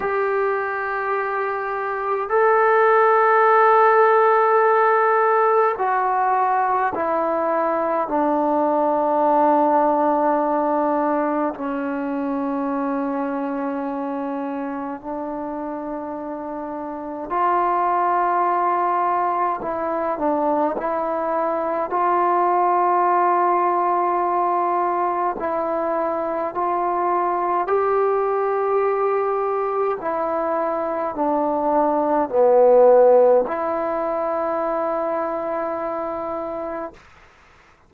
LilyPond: \new Staff \with { instrumentName = "trombone" } { \time 4/4 \tempo 4 = 52 g'2 a'2~ | a'4 fis'4 e'4 d'4~ | d'2 cis'2~ | cis'4 d'2 f'4~ |
f'4 e'8 d'8 e'4 f'4~ | f'2 e'4 f'4 | g'2 e'4 d'4 | b4 e'2. | }